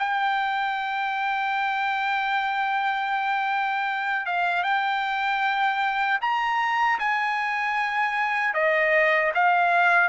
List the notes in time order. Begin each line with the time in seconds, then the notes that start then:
0.00 G5
4.26 F5
4.64 G5
6.22 A#5
7.00 G#5
8.55 D#5
9.35 F5